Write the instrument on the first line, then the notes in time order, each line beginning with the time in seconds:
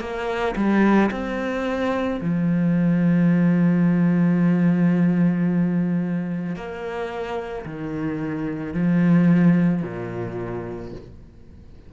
cello
0.00 A#3
0.56 G3
1.11 C4
2.21 F3
6.56 A#3
7.65 D#3
8.74 F3
9.82 A#2